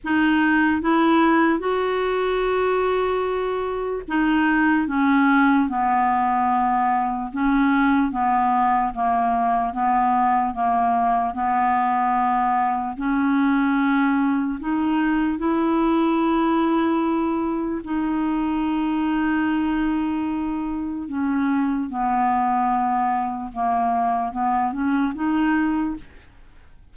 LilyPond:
\new Staff \with { instrumentName = "clarinet" } { \time 4/4 \tempo 4 = 74 dis'4 e'4 fis'2~ | fis'4 dis'4 cis'4 b4~ | b4 cis'4 b4 ais4 | b4 ais4 b2 |
cis'2 dis'4 e'4~ | e'2 dis'2~ | dis'2 cis'4 b4~ | b4 ais4 b8 cis'8 dis'4 | }